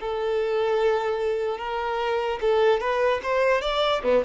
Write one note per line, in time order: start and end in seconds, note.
0.00 1.58 A4
1.58 2.39 A#4
2.41 2.80 A4
2.80 3.21 B4
3.23 3.61 C5
3.61 4.02 D5
4.03 4.23 B3